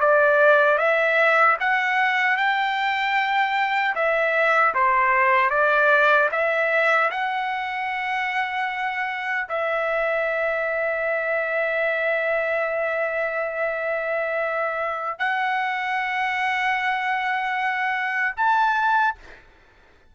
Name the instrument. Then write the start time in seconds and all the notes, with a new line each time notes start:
trumpet
0.00 D5
0.78 E5
1.60 F#5
2.36 G5
3.95 E5
4.74 C5
5.50 D5
6.31 E5
7.11 F#5
9.49 E5
15.19 F#5
18.36 A5